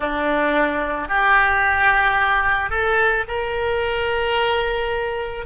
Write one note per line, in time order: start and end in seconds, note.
0.00 1.08 D4
1.08 2.70 G4
2.70 3.24 A4
3.28 5.45 A#4